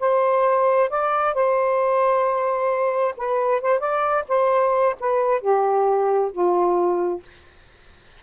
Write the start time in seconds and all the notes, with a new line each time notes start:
0.00 C5
0.90 D5
1.35 C5
3.17 B4
3.62 C5
3.80 D5
4.29 C5
5.00 B4
5.41 G4
6.33 F4